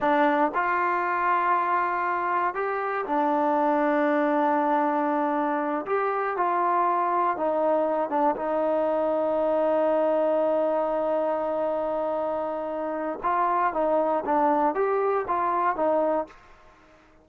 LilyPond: \new Staff \with { instrumentName = "trombone" } { \time 4/4 \tempo 4 = 118 d'4 f'2.~ | f'4 g'4 d'2~ | d'2.~ d'8 g'8~ | g'8 f'2 dis'4. |
d'8 dis'2.~ dis'8~ | dis'1~ | dis'2 f'4 dis'4 | d'4 g'4 f'4 dis'4 | }